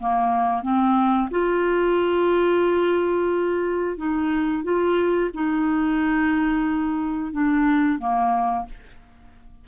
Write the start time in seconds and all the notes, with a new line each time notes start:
0.00 A#3
0.63 C4
1.31 F4
3.97 D#4
4.64 F4
5.34 D#4
7.32 D4
7.99 A#3